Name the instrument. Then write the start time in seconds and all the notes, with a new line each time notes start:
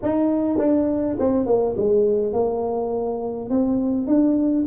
tuba
0.02 D#4
0.58 D4
1.19 C4
1.46 A#3
1.76 G#3
2.32 A#3
3.49 C4
4.07 D4